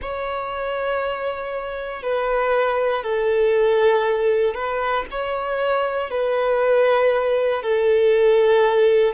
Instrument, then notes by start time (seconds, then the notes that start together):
violin
0.01 C#5
2.02 B4
3.03 A4
4.54 B4
5.10 C#5
6.10 B4
7.62 A4